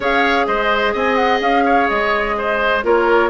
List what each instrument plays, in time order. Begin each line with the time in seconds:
0.00 bassoon C#4, clarinet G#4, oboe C#5, flute F5
0.46 bassoon G#3, oboe C5, flute D#5
0.93 bassoon C4, oboe D#5, flute G#5
1.15 flute F#5
1.41 bassoon C#4, flute F5
1.65 oboe C#5
1.88 bassoon G#3, flute D#5
2.37 oboe C5
2.83 bassoon A#3, clarinet F4, oboe A#4, flute C#5